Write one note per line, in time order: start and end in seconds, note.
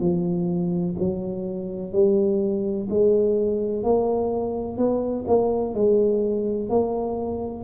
0.00 0.95 F3
0.99 1.92 F#3
1.92 2.87 G3
2.90 3.83 G#3
3.83 4.77 A#3
4.77 5.25 B3
5.27 5.74 A#3
5.74 6.69 G#3
6.69 7.64 A#3